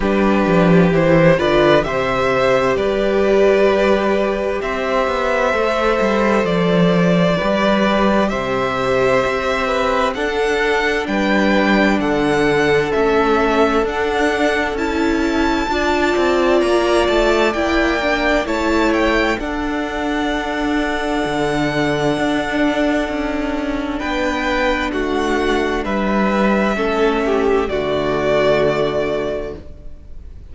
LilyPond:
<<
  \new Staff \with { instrumentName = "violin" } { \time 4/4 \tempo 4 = 65 b'4 c''8 d''8 e''4 d''4~ | d''4 e''2 d''4~ | d''4 e''2 fis''4 | g''4 fis''4 e''4 fis''4 |
a''2 ais''8 a''8 g''4 | a''8 g''8 fis''2.~ | fis''2 g''4 fis''4 | e''2 d''2 | }
  \new Staff \with { instrumentName = "violin" } { \time 4/4 g'4. b'8 c''4 b'4~ | b'4 c''2. | b'4 c''4. b'8 a'4 | b'4 a'2.~ |
a'4 d''2. | cis''4 a'2.~ | a'2 b'4 fis'4 | b'4 a'8 g'8 fis'2 | }
  \new Staff \with { instrumentName = "viola" } { \time 4/4 d'4 e'8 f'8 g'2~ | g'2 a'2 | g'2. d'4~ | d'2 cis'4 d'4 |
e'4 f'2 e'8 d'8 | e'4 d'2.~ | d'1~ | d'4 cis'4 a2 | }
  \new Staff \with { instrumentName = "cello" } { \time 4/4 g8 f8 e8 d8 c4 g4~ | g4 c'8 b8 a8 g8 f4 | g4 c4 c'4 d'4 | g4 d4 a4 d'4 |
cis'4 d'8 c'8 ais8 a8 ais4 | a4 d'2 d4 | d'4 cis'4 b4 a4 | g4 a4 d2 | }
>>